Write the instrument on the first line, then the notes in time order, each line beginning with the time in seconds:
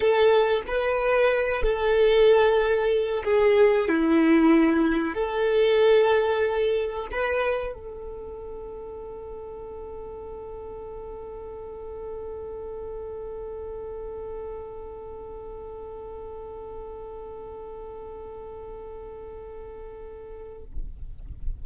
violin
0.00 A4
0.67 B4
1.62 A4
3.24 G#4
3.88 E4
5.13 A4
7.11 B4
7.73 A4